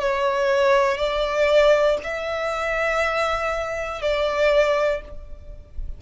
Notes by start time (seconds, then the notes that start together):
0.00 C#5
0.97 D5
2.03 E5
4.01 D5